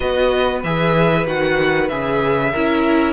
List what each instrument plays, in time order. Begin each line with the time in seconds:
0.00 cello B3, viola F#4, violin B4 D#5
0.63 cello E3, viola G#4, violin E5
1.26 cello D#3, viola F#4, violin F#5
1.88 cello C#3, viola G#4, violin E5
2.51 cello C#4, viola E4, violin A#4